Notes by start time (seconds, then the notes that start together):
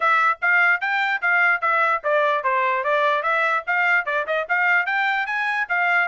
0.00 E5
0.41 F5
0.80 G5
1.21 F5
1.61 E5
2.03 D5
2.43 C5
2.84 D5
3.22 E5
3.66 F5
4.05 D5
4.26 D#5
4.48 F5
4.86 G5
5.26 G#5
5.69 F5